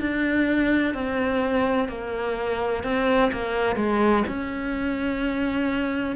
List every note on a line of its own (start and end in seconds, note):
0.00 0.94 D4
0.94 1.89 C4
1.89 2.84 A#3
2.84 3.31 C4
3.32 3.76 A#3
3.76 4.24 G#3
4.28 6.16 C#4